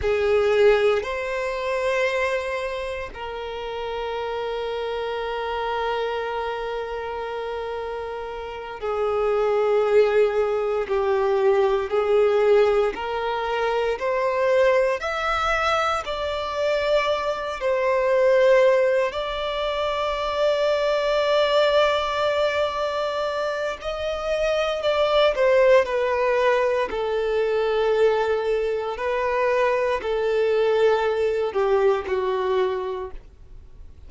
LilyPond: \new Staff \with { instrumentName = "violin" } { \time 4/4 \tempo 4 = 58 gis'4 c''2 ais'4~ | ais'1~ | ais'8 gis'2 g'4 gis'8~ | gis'8 ais'4 c''4 e''4 d''8~ |
d''4 c''4. d''4.~ | d''2. dis''4 | d''8 c''8 b'4 a'2 | b'4 a'4. g'8 fis'4 | }